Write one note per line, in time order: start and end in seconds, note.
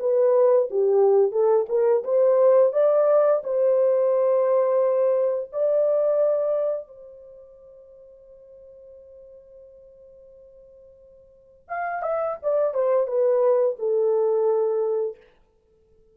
0.00 0.69 B4
0.71 1.32 G4
1.32 1.66 A4
1.69 2.03 A#4
2.04 2.73 C5
2.73 3.42 D5
3.44 5.51 C5
5.53 6.88 D5
6.88 11.69 C5
11.69 12.03 F5
12.03 12.37 E5
12.43 12.74 D5
12.74 13.08 C5
13.08 13.76 B4
13.79 15.17 A4